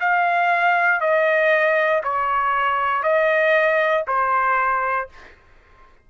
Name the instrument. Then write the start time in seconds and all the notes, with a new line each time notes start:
trumpet
0.00 F5
1.00 D#5
2.03 C#5
3.03 D#5
4.07 C5